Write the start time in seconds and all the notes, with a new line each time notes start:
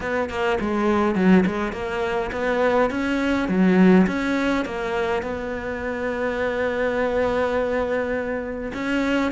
0.00 B3
0.29 A#3
0.60 G#3
1.15 F#3
1.46 G#3
1.72 A#3
2.32 B3
2.90 C#4
3.48 F#3
4.06 C#4
4.65 A#3
5.22 B3
8.73 C#4